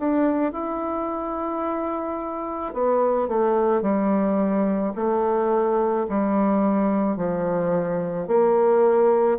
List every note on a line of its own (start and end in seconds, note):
0.00 0.53 D4
0.53 2.74 E4
2.74 3.28 B3
3.28 3.82 A3
3.82 4.93 G3
4.96 6.07 A3
6.10 7.17 G3
7.17 8.28 F3
8.28 9.39 A#3